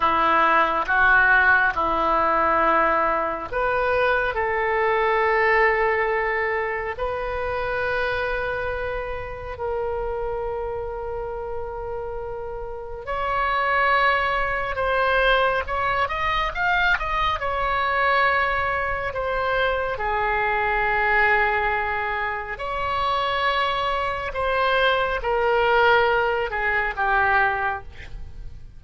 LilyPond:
\new Staff \with { instrumentName = "oboe" } { \time 4/4 \tempo 4 = 69 e'4 fis'4 e'2 | b'4 a'2. | b'2. ais'4~ | ais'2. cis''4~ |
cis''4 c''4 cis''8 dis''8 f''8 dis''8 | cis''2 c''4 gis'4~ | gis'2 cis''2 | c''4 ais'4. gis'8 g'4 | }